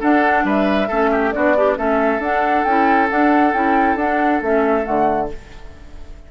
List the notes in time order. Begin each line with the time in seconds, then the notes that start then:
0.00 D4 A4 F#5
0.45 G3 B4 E5
0.88 A3 C#4 A4
1.12 G4
1.32 B3 D4 F#4 D5
1.57 D4 G4
1.76 A3 C#4 A4 E5
2.19 D4 F#5
2.65 C#4 E4 G5
3.09 D4 F#5
3.53 C#4 E4 G5
3.96 D4 F#5
4.42 A3 C#4 E5
4.83 D3 A3 F#5